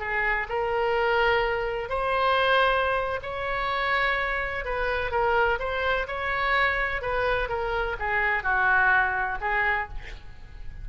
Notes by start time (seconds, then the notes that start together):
0.00 G#4
0.49 A#4
1.90 C5
3.23 C#5
4.65 B4
5.12 A#4
5.60 C5
6.08 C#5
7.02 B4
7.49 A#4
8.00 G#4
8.44 F#4
9.41 G#4